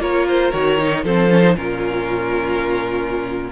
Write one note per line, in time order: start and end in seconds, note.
0.00 0.52 A#3
0.00 0.52 F4
0.00 1.04 A#4
0.00 0.27 C#5
0.28 0.52 C5
0.52 1.04 D#3
0.52 0.78 F#4
0.52 1.04 C#5
0.78 1.04 D#4
1.04 1.57 F3
1.04 1.29 C4
1.04 1.56 A4
1.04 1.56 C5
1.29 1.42 C#4
1.42 1.55 D#4
1.55 3.51 A#2
1.55 3.51 C#4
1.55 3.51 F4
1.55 3.51 A#4